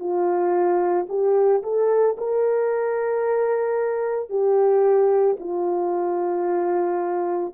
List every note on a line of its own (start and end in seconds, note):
0.00 1.07 F4
1.09 1.63 G4
1.63 2.17 A4
2.18 4.30 A#4
4.30 5.37 G4
5.40 7.54 F4